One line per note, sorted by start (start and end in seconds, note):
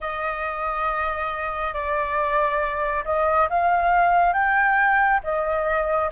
0.00 1.73 D#5
1.73 3.04 D5
3.04 3.48 D#5
3.49 4.33 F5
4.33 5.20 G5
5.23 6.10 D#5